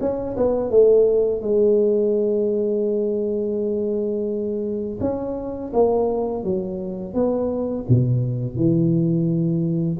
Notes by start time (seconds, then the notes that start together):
0.00 C#4
0.37 B3
0.70 A3
1.42 G#3
5.00 C#4
5.73 A#3
6.44 F#3
7.14 B3
7.89 B2
8.56 E3